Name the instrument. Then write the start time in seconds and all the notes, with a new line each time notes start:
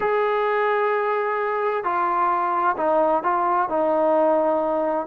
trombone
0.00 G#4
1.83 F4
2.77 D#4
3.23 F4
3.69 D#4